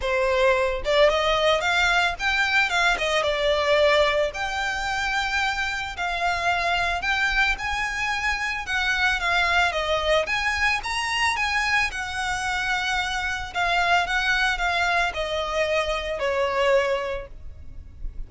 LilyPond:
\new Staff \with { instrumentName = "violin" } { \time 4/4 \tempo 4 = 111 c''4. d''8 dis''4 f''4 | g''4 f''8 dis''8 d''2 | g''2. f''4~ | f''4 g''4 gis''2 |
fis''4 f''4 dis''4 gis''4 | ais''4 gis''4 fis''2~ | fis''4 f''4 fis''4 f''4 | dis''2 cis''2 | }